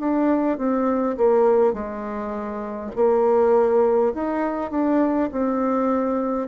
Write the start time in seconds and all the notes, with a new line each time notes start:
0.00 D4
0.58 C4
1.18 A#3
1.74 G#3
2.96 A#3
4.14 D#4
4.71 D4
5.32 C4